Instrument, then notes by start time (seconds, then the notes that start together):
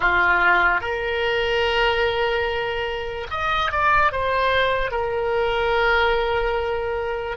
oboe
0.00 F4
0.80 A#4
3.30 D#5
3.71 D5
4.11 C5
4.91 A#4